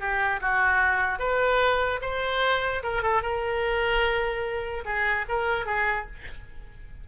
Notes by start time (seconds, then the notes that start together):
0.00 G4
0.41 F#4
1.19 B4
2.02 C5
2.83 A#4
3.03 A4
3.22 A#4
4.85 G#4
5.29 A#4
5.66 G#4